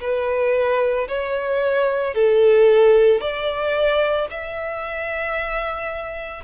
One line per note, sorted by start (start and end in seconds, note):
0.00 1.07 B4
1.08 2.14 C#5
2.14 3.20 A4
3.20 4.28 D5
4.30 6.44 E5